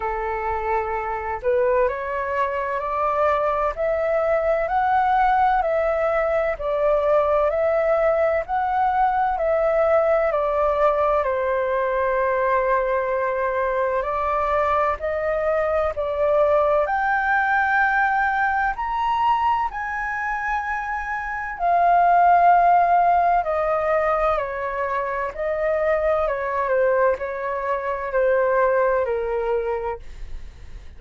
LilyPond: \new Staff \with { instrumentName = "flute" } { \time 4/4 \tempo 4 = 64 a'4. b'8 cis''4 d''4 | e''4 fis''4 e''4 d''4 | e''4 fis''4 e''4 d''4 | c''2. d''4 |
dis''4 d''4 g''2 | ais''4 gis''2 f''4~ | f''4 dis''4 cis''4 dis''4 | cis''8 c''8 cis''4 c''4 ais'4 | }